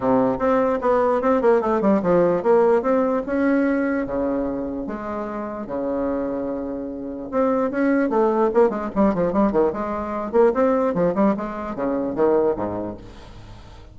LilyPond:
\new Staff \with { instrumentName = "bassoon" } { \time 4/4 \tempo 4 = 148 c4 c'4 b4 c'8 ais8 | a8 g8 f4 ais4 c'4 | cis'2 cis2 | gis2 cis2~ |
cis2 c'4 cis'4 | a4 ais8 gis8 g8 f8 g8 dis8 | gis4. ais8 c'4 f8 g8 | gis4 cis4 dis4 gis,4 | }